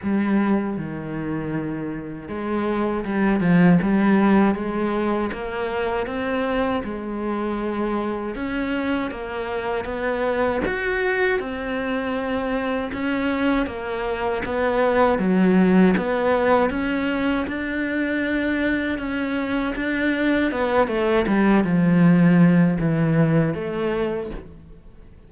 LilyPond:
\new Staff \with { instrumentName = "cello" } { \time 4/4 \tempo 4 = 79 g4 dis2 gis4 | g8 f8 g4 gis4 ais4 | c'4 gis2 cis'4 | ais4 b4 fis'4 c'4~ |
c'4 cis'4 ais4 b4 | fis4 b4 cis'4 d'4~ | d'4 cis'4 d'4 b8 a8 | g8 f4. e4 a4 | }